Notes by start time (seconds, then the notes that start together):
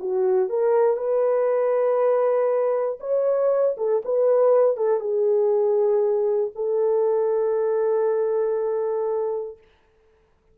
0.00 F#4
0.50 A#4
0.97 B4
3.00 C#5
3.78 A4
4.05 B4
4.77 A4
5.00 G#4
6.56 A4